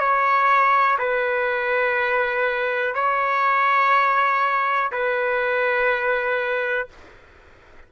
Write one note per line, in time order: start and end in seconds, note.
0.00 0.98 C#5
0.99 2.95 B4
2.95 4.92 C#5
4.92 6.89 B4